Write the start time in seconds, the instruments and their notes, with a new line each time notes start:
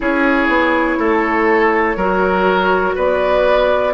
0.00 bassoon C#4, clarinet E4, oboe G#4, flute C#5
0.47 bassoon B3
0.98 bassoon A3, oboe A4
1.96 bassoon F#3, clarinet F#4, oboe A#4
2.95 bassoon B3, oboe B4, flute D5